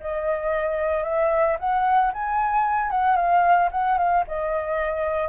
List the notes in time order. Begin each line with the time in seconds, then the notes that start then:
0.00 D#5
1.04 E5
1.59 F#5
2.13 G#5
2.90 F#5
3.16 F5
3.71 F#5
3.98 F5
4.27 D#5